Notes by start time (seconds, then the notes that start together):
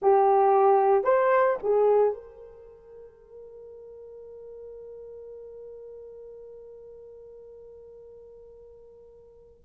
0.02 G4
1.04 C5
1.62 G#4
2.13 A#4